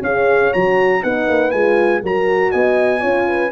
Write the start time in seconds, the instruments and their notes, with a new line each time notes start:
0.00 tuba C#4, horn G#4 C#5, trumpet F5
0.53 tuba F#3, horn F#4, trumpet A#5
1.02 tuba B3, horn D#4 B4, trumpet F#5
1.28 tuba A#3
1.51 tuba G#3, horn F4, trumpet G#5
2.02 tuba F#3, horn F#4 A#4, trumpet A#5
2.51 tuba B3, horn D#5, trumpet G#5
3.00 tuba C#4, horn F4 C#5
3.27 horn B4